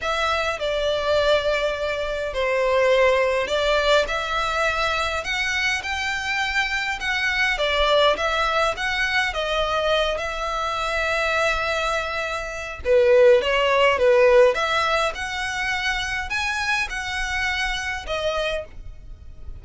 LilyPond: \new Staff \with { instrumentName = "violin" } { \time 4/4 \tempo 4 = 103 e''4 d''2. | c''2 d''4 e''4~ | e''4 fis''4 g''2 | fis''4 d''4 e''4 fis''4 |
dis''4. e''2~ e''8~ | e''2 b'4 cis''4 | b'4 e''4 fis''2 | gis''4 fis''2 dis''4 | }